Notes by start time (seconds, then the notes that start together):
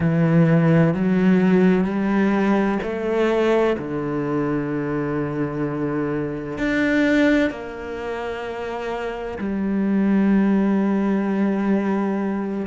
0.00 E3
0.94 F#3
1.84 G3
2.82 A3
3.78 D3
6.58 D4
7.50 A#3
9.38 G3